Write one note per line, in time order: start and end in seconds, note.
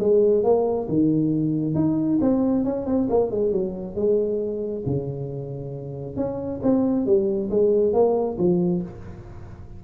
0.00 0.44 G#3
0.44 0.88 A#3
0.89 1.75 D#3
1.75 2.19 D#4
2.22 2.65 C4
2.65 2.87 C#4
2.87 3.09 C4
3.10 3.31 A#3
3.31 3.52 G#3
3.52 3.95 F#3
3.95 4.84 G#3
4.86 6.17 C#3
6.17 6.61 C#4
6.63 7.06 C4
7.06 7.50 G3
7.51 7.94 G#3
7.94 8.38 A#3
8.38 8.83 F3